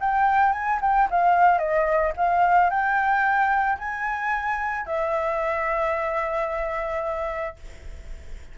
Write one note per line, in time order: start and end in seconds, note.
0.00 0.52 G5
0.52 0.79 G#5
0.81 1.08 G5
1.10 1.58 F5
1.58 2.13 D#5
2.17 2.70 F5
2.70 3.78 G5
3.78 4.86 G#5
4.86 7.56 E5